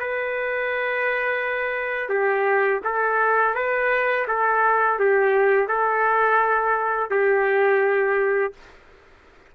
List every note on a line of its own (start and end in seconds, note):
0.00 2.09 B4
2.09 2.81 G4
2.85 3.55 A4
3.55 4.27 B4
4.28 4.99 A4
4.99 5.69 G4
5.69 7.11 A4
7.11 8.54 G4